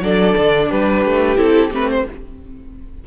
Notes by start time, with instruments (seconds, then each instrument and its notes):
0.00 cello F#3, viola D4, violin A4 D5
0.37 cello D3
0.70 cello G3, violin G4 B4
1.05 cello A3
1.36 cello C4, viola E4, violin A4
1.71 cello A3, viola C4, violin B4
1.90 violin C5